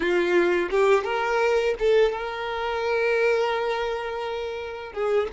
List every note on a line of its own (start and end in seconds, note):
0.00 0.69 F4
0.70 1.04 G4
1.04 1.74 A#4
1.79 2.12 A4
2.12 4.93 A#4
4.93 5.28 G#4